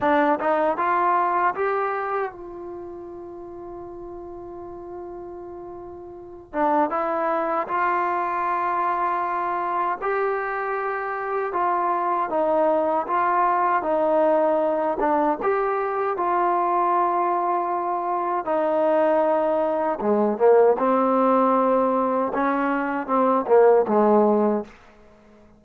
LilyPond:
\new Staff \with { instrumentName = "trombone" } { \time 4/4 \tempo 4 = 78 d'8 dis'8 f'4 g'4 f'4~ | f'1~ | f'8 d'8 e'4 f'2~ | f'4 g'2 f'4 |
dis'4 f'4 dis'4. d'8 | g'4 f'2. | dis'2 gis8 ais8 c'4~ | c'4 cis'4 c'8 ais8 gis4 | }